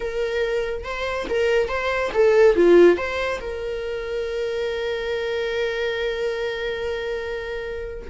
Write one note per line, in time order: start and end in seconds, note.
0.00 0.83 A#4
0.83 1.26 C5
1.29 1.68 A#4
1.68 2.11 C5
2.13 2.56 A4
2.56 2.97 F4
2.97 3.39 C5
3.40 8.08 A#4